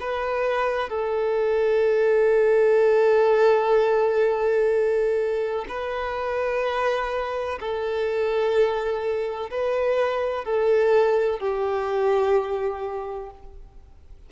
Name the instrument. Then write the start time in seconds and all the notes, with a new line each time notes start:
violin
0.00 B4
0.89 A4
5.68 B4
7.59 A4
9.50 B4
10.45 A4
11.39 G4